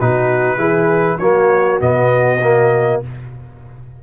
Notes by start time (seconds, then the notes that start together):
0.00 B2 D#4 F#4 B4
0.57 E3 E4 G#4
1.19 F#3 A#3 F#4 C#5
1.81 B2 B3 D#5
2.43 A#3